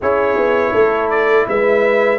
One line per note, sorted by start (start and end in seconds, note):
0.01 0.36 C#4
0.01 2.18 E4
0.01 0.72 G#4
0.01 1.10 C#5
0.36 0.73 B3
0.72 1.46 A3
0.72 1.45 A4
1.10 1.46 D5
1.48 2.18 G#3
1.48 2.18 B4
1.48 2.18 E5